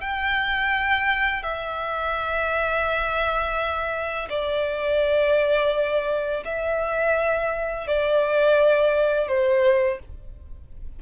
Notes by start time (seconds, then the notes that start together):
0.00 G5
1.43 E5
4.29 D5
6.44 E5
7.87 D5
9.28 C5